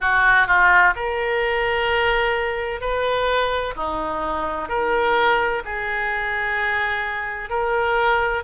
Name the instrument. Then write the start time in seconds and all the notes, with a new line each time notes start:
oboe
0.00 F#4
0.47 F4
0.95 A#4
2.80 B4
3.76 D#4
4.69 A#4
5.65 G#4
7.49 A#4